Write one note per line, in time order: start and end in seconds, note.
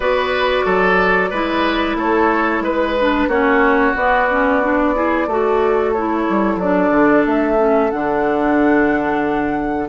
0.00 0.62 B3
0.00 1.32 F#4
0.00 0.65 B4
0.00 1.98 D5
0.65 1.31 F#3
0.65 1.30 A4
1.30 1.95 G#3
1.30 2.98 E4
1.30 1.96 B4
1.95 2.60 A3
1.95 2.63 A4
1.95 2.64 C#5
2.60 3.26 G#3
2.60 3.28 B4
2.60 3.29 B4
2.98 3.30 D4
3.27 3.93 A#3
3.27 3.94 C#4
3.27 4.93 F#4
3.27 3.95 C#5
3.94 4.27 B3
3.94 5.27 B3
3.94 5.92 D5
4.30 4.62 C#4
4.62 4.94 D4
4.94 5.27 E4
4.94 5.27 G#4
5.27 6.26 A3
5.27 5.95 F#4
5.27 9.88 A4
5.92 6.61 E4
5.92 6.58 C#5
6.29 6.56 G3
6.56 6.89 F#3
6.56 7.57 D4
6.56 7.25 D5
6.90 7.23 D3
7.26 7.92 A3
7.26 7.90 E5
7.57 7.90 C#4
7.90 9.88 D3
7.90 9.88 D4
7.90 9.88 F#5